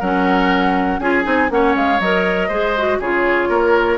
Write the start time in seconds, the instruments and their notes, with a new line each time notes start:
0.00 bassoon F#3, clarinet C#4, oboe A#4, flute F#5
0.99 bassoon C#4, clarinet F4, oboe G#4, flute G#5
1.23 bassoon C4, clarinet D#4
1.49 bassoon A#3, clarinet C#4, oboe C#5, flute F#5
1.75 bassoon G#3, flute F5
2.00 bassoon F#3, clarinet A#4, flute D#5
2.48 bassoon G#3, clarinet G#4, oboe C5
2.78 clarinet F#4
3.00 bassoon C#3, clarinet F4, oboe G#4, flute C#5
3.49 bassoon A#3, oboe A#4